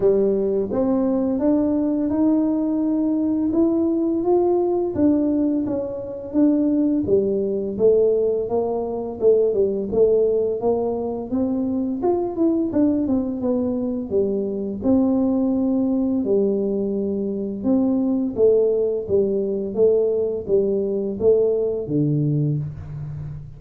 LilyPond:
\new Staff \with { instrumentName = "tuba" } { \time 4/4 \tempo 4 = 85 g4 c'4 d'4 dis'4~ | dis'4 e'4 f'4 d'4 | cis'4 d'4 g4 a4 | ais4 a8 g8 a4 ais4 |
c'4 f'8 e'8 d'8 c'8 b4 | g4 c'2 g4~ | g4 c'4 a4 g4 | a4 g4 a4 d4 | }